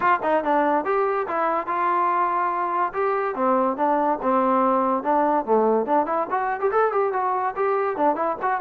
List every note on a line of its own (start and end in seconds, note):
0.00 0.19 F4
0.23 0.43 D#4
0.44 0.84 D4
0.84 1.26 G4
1.27 1.66 E4
1.66 2.92 F4
2.93 3.35 G4
3.35 3.76 C4
3.76 4.18 D4
4.22 5.03 C4
5.03 5.45 D4
5.45 5.86 A3
5.86 6.06 D4
6.06 6.27 E4
6.30 6.60 F#4
6.60 6.70 G4
6.71 6.92 A4
6.92 7.13 G4
7.13 7.54 F#4
7.56 7.97 G4
7.97 8.15 D4
8.15 8.36 E4
8.41 8.61 F#4